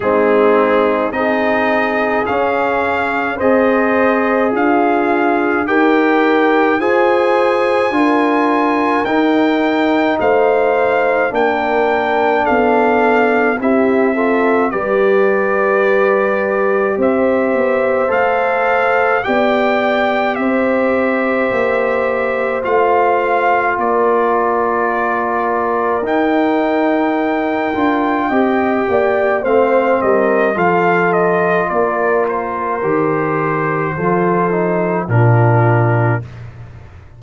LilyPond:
<<
  \new Staff \with { instrumentName = "trumpet" } { \time 4/4 \tempo 4 = 53 gis'4 dis''4 f''4 dis''4 | f''4 g''4 gis''2 | g''4 f''4 g''4 f''4 | e''4 d''2 e''4 |
f''4 g''4 e''2 | f''4 d''2 g''4~ | g''2 f''8 dis''8 f''8 dis''8 | d''8 c''2~ c''8 ais'4 | }
  \new Staff \with { instrumentName = "horn" } { \time 4/4 dis'4 gis'2 c''4 | f'4 ais'4 c''4 ais'4~ | ais'4 c''4 ais'4 a'4 | g'8 a'8 b'2 c''4~ |
c''4 d''4 c''2~ | c''4 ais'2.~ | ais'4 dis''8 d''8 c''8 ais'8 a'4 | ais'2 a'4 f'4 | }
  \new Staff \with { instrumentName = "trombone" } { \time 4/4 c'4 dis'4 cis'4 gis'4~ | gis'4 g'4 gis'4 f'4 | dis'2 d'2 | e'8 f'8 g'2. |
a'4 g'2. | f'2. dis'4~ | dis'8 f'8 g'4 c'4 f'4~ | f'4 g'4 f'8 dis'8 d'4 | }
  \new Staff \with { instrumentName = "tuba" } { \time 4/4 gis4 c'4 cis'4 c'4 | d'4 dis'4 f'4 d'4 | dis'4 a4 ais4 b4 | c'4 g2 c'8 b8 |
a4 b4 c'4 ais4 | a4 ais2 dis'4~ | dis'8 d'8 c'8 ais8 a8 g8 f4 | ais4 dis4 f4 ais,4 | }
>>